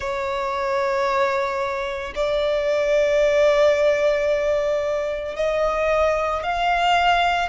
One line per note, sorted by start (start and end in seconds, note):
0.00 2.13 C#5
2.15 5.36 D5
5.36 6.43 D#5
6.43 7.49 F5